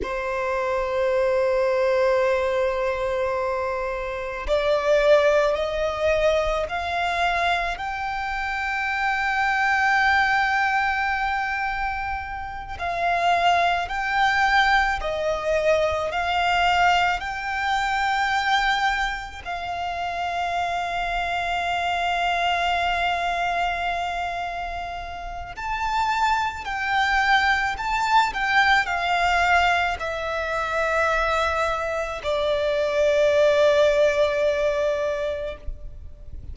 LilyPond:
\new Staff \with { instrumentName = "violin" } { \time 4/4 \tempo 4 = 54 c''1 | d''4 dis''4 f''4 g''4~ | g''2.~ g''8 f''8~ | f''8 g''4 dis''4 f''4 g''8~ |
g''4. f''2~ f''8~ | f''2. a''4 | g''4 a''8 g''8 f''4 e''4~ | e''4 d''2. | }